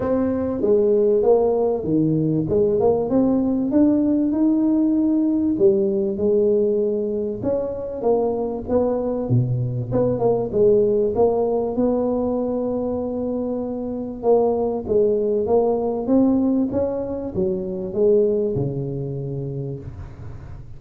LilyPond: \new Staff \with { instrumentName = "tuba" } { \time 4/4 \tempo 4 = 97 c'4 gis4 ais4 dis4 | gis8 ais8 c'4 d'4 dis'4~ | dis'4 g4 gis2 | cis'4 ais4 b4 b,4 |
b8 ais8 gis4 ais4 b4~ | b2. ais4 | gis4 ais4 c'4 cis'4 | fis4 gis4 cis2 | }